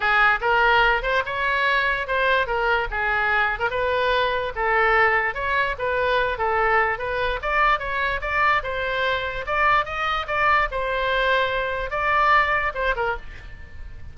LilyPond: \new Staff \with { instrumentName = "oboe" } { \time 4/4 \tempo 4 = 146 gis'4 ais'4. c''8 cis''4~ | cis''4 c''4 ais'4 gis'4~ | gis'8. ais'16 b'2 a'4~ | a'4 cis''4 b'4. a'8~ |
a'4 b'4 d''4 cis''4 | d''4 c''2 d''4 | dis''4 d''4 c''2~ | c''4 d''2 c''8 ais'8 | }